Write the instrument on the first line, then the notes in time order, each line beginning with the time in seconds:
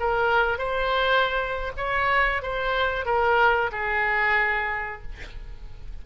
oboe
0.00 A#4
0.58 C5
1.77 C#5
2.42 C5
3.06 A#4
3.72 G#4